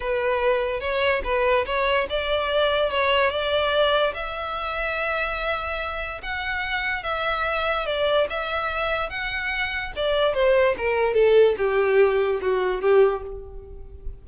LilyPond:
\new Staff \with { instrumentName = "violin" } { \time 4/4 \tempo 4 = 145 b'2 cis''4 b'4 | cis''4 d''2 cis''4 | d''2 e''2~ | e''2. fis''4~ |
fis''4 e''2 d''4 | e''2 fis''2 | d''4 c''4 ais'4 a'4 | g'2 fis'4 g'4 | }